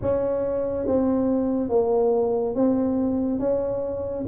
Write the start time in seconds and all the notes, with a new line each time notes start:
0.01 C#4
0.86 C4
1.69 A#3
2.55 C4
3.39 C#4